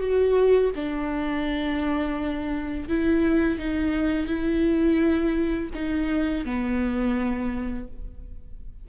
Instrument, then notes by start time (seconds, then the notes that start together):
viola
0.00 F#4
0.76 D4
2.89 E4
3.59 D#4
4.27 E4
5.75 D#4
6.45 B3